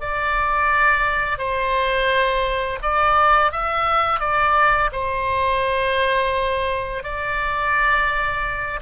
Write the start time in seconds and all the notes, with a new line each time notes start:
0.00 D5
1.38 C5
2.82 D5
3.52 E5
4.19 D5
4.92 C5
7.03 D5